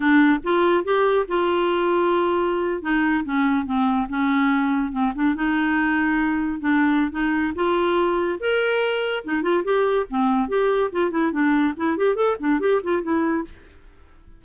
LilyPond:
\new Staff \with { instrumentName = "clarinet" } { \time 4/4 \tempo 4 = 143 d'4 f'4 g'4 f'4~ | f'2~ f'8. dis'4 cis'16~ | cis'8. c'4 cis'2 c'16~ | c'16 d'8 dis'2. d'16~ |
d'4 dis'4 f'2 | ais'2 dis'8 f'8 g'4 | c'4 g'4 f'8 e'8 d'4 | e'8 g'8 a'8 d'8 g'8 f'8 e'4 | }